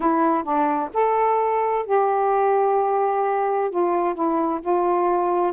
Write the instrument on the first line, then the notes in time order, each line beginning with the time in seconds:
saxophone
0.00 E4
0.43 D4
0.93 A4
1.85 G4
3.70 F4
4.14 E4
4.61 F4